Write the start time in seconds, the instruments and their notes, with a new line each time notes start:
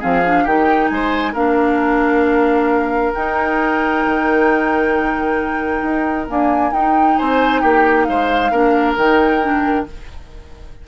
0.00 bassoon F3, clarinet C4, oboe G#4, flute F5
0.26 clarinet D4
0.44 bassoon D#3, clarinet D#4, oboe G4, flute G5
0.88 bassoon G#3, flute G#5
0.94 oboe C5
1.33 bassoon A#3, clarinet D4, oboe A#4, flute F5
3.14 bassoon D#4, clarinet D#4, flute G5
4.07 bassoon D#3
5.83 bassoon D#4
6.29 clarinet A#3, bassoon D4, flute G#5
6.73 bassoon D#4, clarinet D#4, flute G5
7.18 bassoon C4, oboe C5, flute G#5
7.61 bassoon A#3, oboe G4, flute G5
8.04 bassoon G#3, oboe C5, flute F5
8.52 bassoon A#3, clarinet D4, oboe A#4
8.97 bassoon D#3, clarinet D#4, flute G5
9.42 clarinet D4